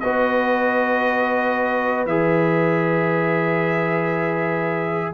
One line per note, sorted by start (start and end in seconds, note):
0.00 2.06 B3
0.00 2.07 F#4
0.00 5.13 B4
0.00 2.05 D#5
2.06 5.12 E3
2.06 5.13 G#4
2.06 5.13 E5